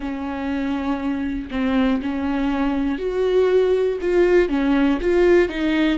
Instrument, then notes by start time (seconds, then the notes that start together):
viola
0.00 C#4
1.50 C4
2.02 C#4
2.98 F#4
4.01 F4
4.48 C#4
5.01 F4
5.49 D#4